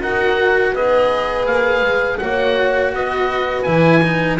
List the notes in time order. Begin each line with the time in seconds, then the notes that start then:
0.00 D#4 F#4 A#4 F#5
0.72 B3 G#4 B4 D#5
1.46 A#3 F5
1.81 G#3
2.18 A#3 F#4 C#5 F#5
2.93 B3 B4 D#5
3.63 E3 E4 G#5
4.03 D#4